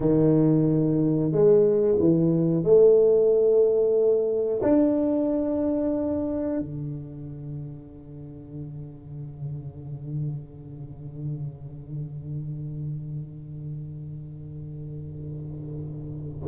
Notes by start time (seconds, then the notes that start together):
0.00 D#3
1.32 G#3
1.99 E3
2.63 A3
4.62 D4
6.59 D3